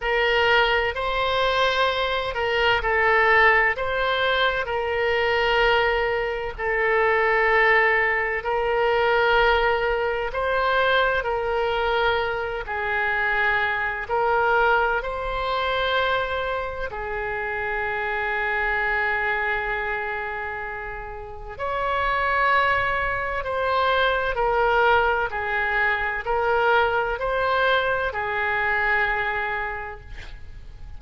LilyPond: \new Staff \with { instrumentName = "oboe" } { \time 4/4 \tempo 4 = 64 ais'4 c''4. ais'8 a'4 | c''4 ais'2 a'4~ | a'4 ais'2 c''4 | ais'4. gis'4. ais'4 |
c''2 gis'2~ | gis'2. cis''4~ | cis''4 c''4 ais'4 gis'4 | ais'4 c''4 gis'2 | }